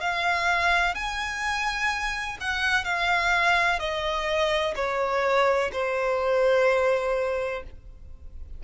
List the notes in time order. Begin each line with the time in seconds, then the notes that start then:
0.00 F5
0.95 G#5
2.40 F#5
2.84 F5
3.79 D#5
4.76 C#5
5.72 C5